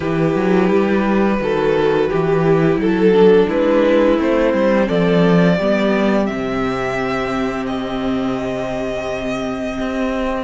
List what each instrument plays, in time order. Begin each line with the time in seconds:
0.00 cello E3, viola E4, violin G4 B4
0.35 cello F#3
0.69 cello G3
1.39 cello D#3, viola F#4, violin A4
2.10 cello E3, violin G4
2.44 viola E4
2.77 cello F#3, violin A4
3.12 viola D4
3.48 cello G#3, violin E4 B4
4.17 cello A3, viola C4, violin C5
4.53 cello G3
4.86 cello F3, violin A4 D5
5.56 cello G3, viola B3, violin G4
6.26 cello C3, viola C4, violin E5
7.66 violin D#5
9.80 cello C4